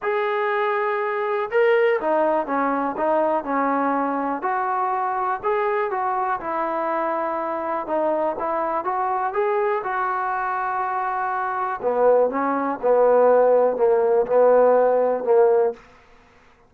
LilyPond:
\new Staff \with { instrumentName = "trombone" } { \time 4/4 \tempo 4 = 122 gis'2. ais'4 | dis'4 cis'4 dis'4 cis'4~ | cis'4 fis'2 gis'4 | fis'4 e'2. |
dis'4 e'4 fis'4 gis'4 | fis'1 | b4 cis'4 b2 | ais4 b2 ais4 | }